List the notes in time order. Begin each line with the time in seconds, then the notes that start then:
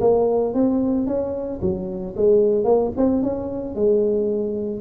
0.00 A#3
0.54 C4
1.06 C#4
1.61 F#3
2.16 G#3
2.64 A#3
2.96 C4
3.22 C#4
3.75 G#3